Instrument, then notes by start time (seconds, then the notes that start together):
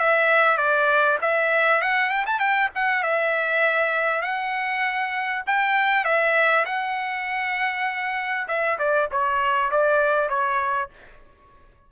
trumpet
0.00 E5
0.58 D5
1.22 E5
1.82 F#5
2.10 G5
2.27 A5
2.40 G5
2.75 F#5
3.03 E5
4.22 F#5
5.47 G5
6.05 E5
6.66 F#5
8.48 E5
8.79 D5
9.12 C#5
9.72 D5
10.29 C#5